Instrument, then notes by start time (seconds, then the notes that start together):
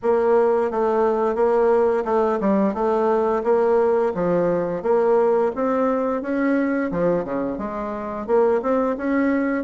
bassoon
0.02 A#3
0.71 A3
1.35 A#3
2.04 A3
2.40 G3
2.73 A3
3.43 A#3
4.14 F3
4.82 A#3
5.55 C4
6.22 C#4
6.91 F3
7.24 C#3
7.58 G#3
8.26 A#3
8.61 C4
8.97 C#4